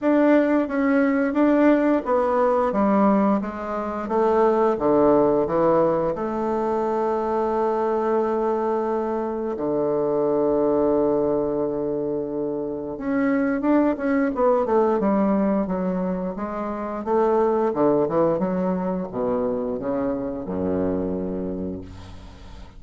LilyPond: \new Staff \with { instrumentName = "bassoon" } { \time 4/4 \tempo 4 = 88 d'4 cis'4 d'4 b4 | g4 gis4 a4 d4 | e4 a2.~ | a2 d2~ |
d2. cis'4 | d'8 cis'8 b8 a8 g4 fis4 | gis4 a4 d8 e8 fis4 | b,4 cis4 fis,2 | }